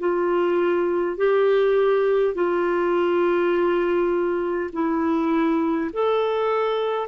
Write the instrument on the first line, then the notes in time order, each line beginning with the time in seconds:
clarinet
0.00 F4
1.18 G4
2.35 F4
4.73 E4
5.93 A4